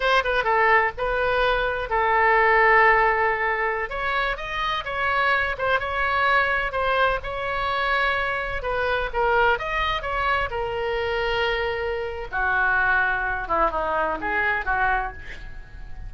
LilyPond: \new Staff \with { instrumentName = "oboe" } { \time 4/4 \tempo 4 = 127 c''8 b'8 a'4 b'2 | a'1~ | a'16 cis''4 dis''4 cis''4. c''16~ | c''16 cis''2 c''4 cis''8.~ |
cis''2~ cis''16 b'4 ais'8.~ | ais'16 dis''4 cis''4 ais'4.~ ais'16~ | ais'2 fis'2~ | fis'8 e'8 dis'4 gis'4 fis'4 | }